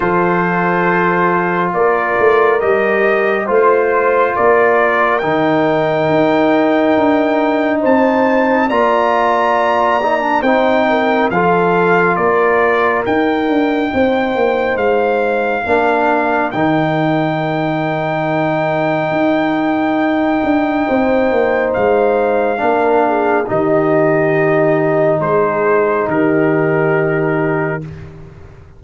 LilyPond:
<<
  \new Staff \with { instrumentName = "trumpet" } { \time 4/4 \tempo 4 = 69 c''2 d''4 dis''4 | c''4 d''4 g''2~ | g''4 a''4 ais''2 | g''4 f''4 d''4 g''4~ |
g''4 f''2 g''4~ | g''1~ | g''4 f''2 dis''4~ | dis''4 c''4 ais'2 | }
  \new Staff \with { instrumentName = "horn" } { \time 4/4 a'2 ais'2 | c''4 ais'2.~ | ais'4 c''4 d''2 | c''8 ais'8 a'4 ais'2 |
c''2 ais'2~ | ais'1 | c''2 ais'8 gis'8 g'4~ | g'4 gis'4 g'2 | }
  \new Staff \with { instrumentName = "trombone" } { \time 4/4 f'2. g'4 | f'2 dis'2~ | dis'2 f'4. dis'16 d'16 | dis'4 f'2 dis'4~ |
dis'2 d'4 dis'4~ | dis'1~ | dis'2 d'4 dis'4~ | dis'1 | }
  \new Staff \with { instrumentName = "tuba" } { \time 4/4 f2 ais8 a8 g4 | a4 ais4 dis4 dis'4 | d'4 c'4 ais2 | c'4 f4 ais4 dis'8 d'8 |
c'8 ais8 gis4 ais4 dis4~ | dis2 dis'4. d'8 | c'8 ais8 gis4 ais4 dis4~ | dis4 gis4 dis2 | }
>>